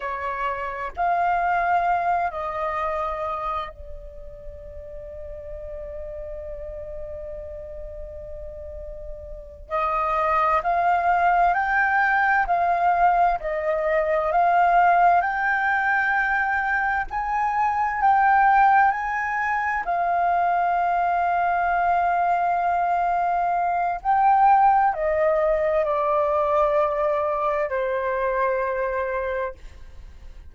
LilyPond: \new Staff \with { instrumentName = "flute" } { \time 4/4 \tempo 4 = 65 cis''4 f''4. dis''4. | d''1~ | d''2~ d''8 dis''4 f''8~ | f''8 g''4 f''4 dis''4 f''8~ |
f''8 g''2 gis''4 g''8~ | g''8 gis''4 f''2~ f''8~ | f''2 g''4 dis''4 | d''2 c''2 | }